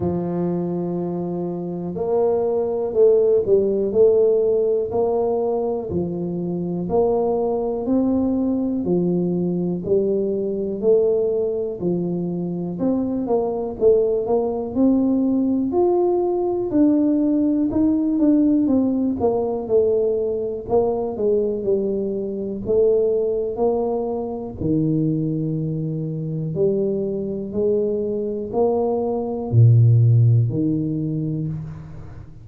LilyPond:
\new Staff \with { instrumentName = "tuba" } { \time 4/4 \tempo 4 = 61 f2 ais4 a8 g8 | a4 ais4 f4 ais4 | c'4 f4 g4 a4 | f4 c'8 ais8 a8 ais8 c'4 |
f'4 d'4 dis'8 d'8 c'8 ais8 | a4 ais8 gis8 g4 a4 | ais4 dis2 g4 | gis4 ais4 ais,4 dis4 | }